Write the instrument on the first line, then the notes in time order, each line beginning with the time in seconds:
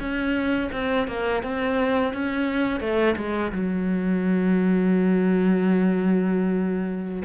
cello
0.00 C#4
0.73 C4
1.08 A#3
1.43 C4
2.14 C#4
2.80 A3
3.17 G#3
3.52 F#3